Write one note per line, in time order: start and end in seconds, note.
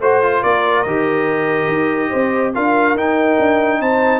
0.00 0.42 A3
0.00 0.23 F#4
0.00 0.43 C5
0.23 0.86 F4
0.43 0.86 A#3
0.43 2.10 A#4
0.43 0.83 D5
0.83 1.67 D#3
0.83 2.54 G4
0.83 2.52 D#5
1.67 2.10 D#4
2.10 2.56 C4
2.10 2.52 C5
2.54 2.94 D4
2.54 2.96 F4
2.54 3.80 A#4
2.54 2.97 F5
2.94 3.37 D#4
2.94 4.20 D#4
2.94 3.82 G5
3.39 3.80 D4
3.80 4.20 C4
3.80 4.20 C5
3.80 4.20 A5